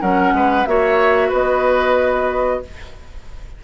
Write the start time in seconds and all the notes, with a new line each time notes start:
0.00 F#3 C#4 A#4 F#5
0.32 G#3 B4
0.65 A#3 F#4 C#5 E5
1.28 B3 B4 D#5